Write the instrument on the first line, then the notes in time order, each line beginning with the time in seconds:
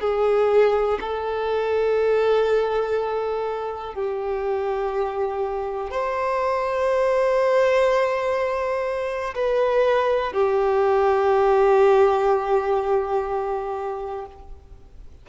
violin
0.00 G#4
1.00 A4
3.94 G4
5.90 C5
9.34 B4
10.32 G4